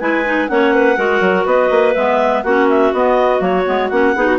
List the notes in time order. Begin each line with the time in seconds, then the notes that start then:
0.00 G#3 E4 B4 G#5
0.26 D#4
0.48 A#3 C#4 C#5 F#5
0.74 B4
0.97 G#3 F#4 A#4
1.21 F#3
1.46 B3 B4 D#5
1.71 A#3
1.95 G#3 B3 E5
2.43 A#3 C#4 F#4 F#5
2.70 E5
2.93 B3 D#5
3.39 F#3 A#3 C#5
3.66 G#3 B3
3.89 A#3 C#4 F#5
4.15 B3 D#4 G#4
4.26 F#4